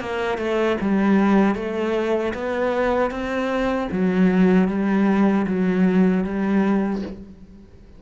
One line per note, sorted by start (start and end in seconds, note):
0.00 0.38 A#3
0.38 0.77 A3
0.80 1.55 G3
1.55 2.33 A3
2.34 3.10 B3
3.10 3.88 C4
3.91 4.68 F#3
4.68 5.46 G3
5.47 6.24 F#3
6.24 7.02 G3